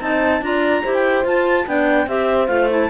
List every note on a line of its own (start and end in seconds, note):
0.00 0.41 C4
0.00 0.41 D#4
0.00 0.43 D#5
0.00 0.43 A5
0.41 0.83 D4
0.41 0.84 F4
0.41 0.83 D5
0.41 0.94 A#5
0.83 1.25 E4
0.83 1.25 G4
0.83 1.66 C5
0.94 1.25 G5
1.25 1.66 F4
1.25 1.68 A5
1.66 2.07 B3
1.66 2.07 D4
1.66 2.09 D5
1.66 2.09 G5
2.07 2.48 C4
2.07 2.48 G4
2.07 2.90 C5
2.07 2.48 E5
2.48 2.90 A3
2.48 2.69 F4
2.48 2.68 F5
2.69 2.90 E4
2.69 2.90 A5